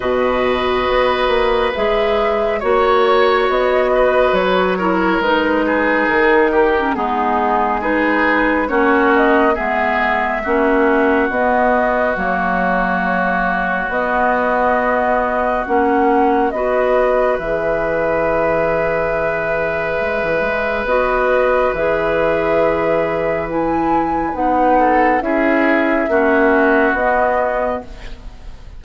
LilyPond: <<
  \new Staff \with { instrumentName = "flute" } { \time 4/4 \tempo 4 = 69 dis''2 e''4 cis''4 | dis''4 cis''4 b'4 ais'4 | gis'4 b'4 cis''8 dis''8 e''4~ | e''4 dis''4 cis''2 |
dis''2 fis''4 dis''4 | e''1 | dis''4 e''2 gis''4 | fis''4 e''2 dis''4 | }
  \new Staff \with { instrumentName = "oboe" } { \time 4/4 b'2. cis''4~ | cis''8 b'4 ais'4 gis'4 g'8 | dis'4 gis'4 fis'4 gis'4 | fis'1~ |
fis'2. b'4~ | b'1~ | b'1~ | b'8 a'8 gis'4 fis'2 | }
  \new Staff \with { instrumentName = "clarinet" } { \time 4/4 fis'2 gis'4 fis'4~ | fis'4. e'8 dis'4.~ dis'16 cis'16 | b4 dis'4 cis'4 b4 | cis'4 b4 ais2 |
b2 cis'4 fis'4 | gis'1 | fis'4 gis'2 e'4 | dis'4 e'4 cis'4 b4 | }
  \new Staff \with { instrumentName = "bassoon" } { \time 4/4 b,4 b8 ais8 gis4 ais4 | b4 fis4 gis4 dis4 | gis2 ais4 gis4 | ais4 b4 fis2 |
b2 ais4 b4 | e2. gis16 e16 gis8 | b4 e2. | b4 cis'4 ais4 b4 | }
>>